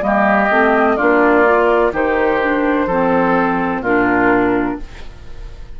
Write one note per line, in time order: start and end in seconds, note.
0.00 0.49 G3
0.00 0.48 A#3
0.00 0.96 G4
0.00 0.96 D#5
0.49 0.97 A3
0.49 0.97 C4
0.96 1.92 A#3
0.96 1.45 D4
0.96 1.91 F4
0.96 1.92 D5
1.45 1.92 F4
1.92 2.86 D#3
1.92 2.39 D#4
1.92 2.86 G4
1.92 3.84 C5
2.41 2.88 D4
2.86 3.80 F3
2.86 3.85 C4
2.86 3.82 A4
3.80 4.75 A#2
3.80 4.80 D4
3.80 4.77 F4
3.80 4.79 A#4